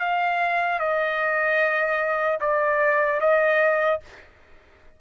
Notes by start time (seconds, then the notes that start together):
0.00 F5
0.80 D#5
2.41 D5
3.21 D#5